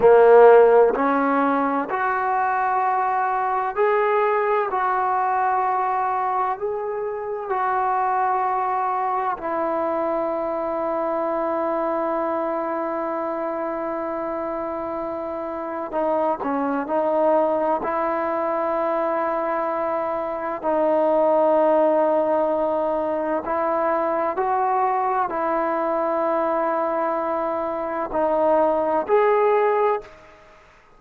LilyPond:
\new Staff \with { instrumentName = "trombone" } { \time 4/4 \tempo 4 = 64 ais4 cis'4 fis'2 | gis'4 fis'2 gis'4 | fis'2 e'2~ | e'1~ |
e'4 dis'8 cis'8 dis'4 e'4~ | e'2 dis'2~ | dis'4 e'4 fis'4 e'4~ | e'2 dis'4 gis'4 | }